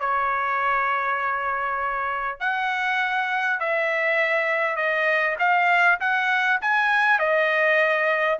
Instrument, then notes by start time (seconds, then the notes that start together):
trumpet
0.00 C#5
2.40 F#5
3.60 E5
4.76 D#5
5.39 F5
6.00 F#5
6.62 G#5
7.19 D#5